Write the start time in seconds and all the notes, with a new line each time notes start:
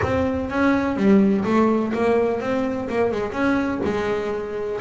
0.02 C4
0.50 C#4
0.96 G3
1.44 A3
1.93 A#3
2.40 C4
2.89 A#3
3.11 G#3
3.32 C#4
3.84 G#3